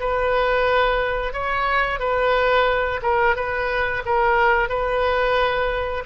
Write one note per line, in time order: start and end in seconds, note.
0.00 1.33 B4
1.33 1.99 C#5
1.99 3.01 B4
3.02 3.36 A#4
3.36 4.03 B4
4.05 4.69 A#4
4.69 6.04 B4